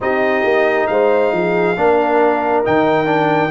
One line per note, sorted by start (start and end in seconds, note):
0.00 0.44 C4
0.00 1.76 D#4
0.00 0.90 G4
0.00 0.86 D#5
0.44 0.88 A#3
0.86 1.32 G#3
0.86 1.34 C5
0.86 2.63 F5
1.32 1.76 F3
1.32 1.78 G#4
1.76 2.65 A#3
1.76 2.64 D4
1.76 3.51 A#4
2.64 3.51 D#3
2.64 3.05 D#4
2.64 3.51 G5
3.05 3.49 D4